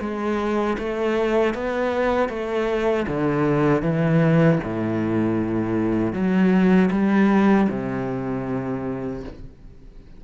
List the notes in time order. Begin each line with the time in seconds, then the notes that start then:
0.00 G#3
0.78 A3
1.54 B3
2.29 A3
3.08 D3
3.82 E3
4.64 A2
6.13 F#3
6.91 G3
7.69 C3